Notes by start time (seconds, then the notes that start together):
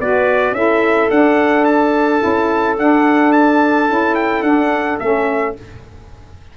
0.00 B3 F#4 B4 D5
0.52 C#4 E4 A4 E5
1.10 D4 F#5
1.65 A5
2.20 C#4 E4
2.78 D4 F#5
3.33 A5
3.89 C#4 E4
4.15 G5
4.42 D4 F#5
5.00 A3 C#4 E5